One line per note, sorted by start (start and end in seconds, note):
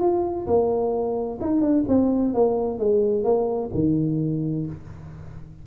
0.00 0.46 F4
0.47 1.39 A#3
1.41 1.61 D#4
1.61 1.84 D4
1.88 2.34 C4
2.34 2.79 A#3
2.79 3.24 G#3
3.24 3.70 A#3
3.74 4.66 D#3